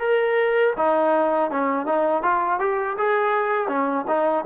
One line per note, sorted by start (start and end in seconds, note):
0.00 0.74 A#4
0.77 1.51 D#4
1.52 1.86 C#4
1.86 2.23 D#4
2.23 2.60 F4
2.60 2.97 G4
2.98 3.69 G#4
3.69 4.06 C#4
4.08 4.45 D#4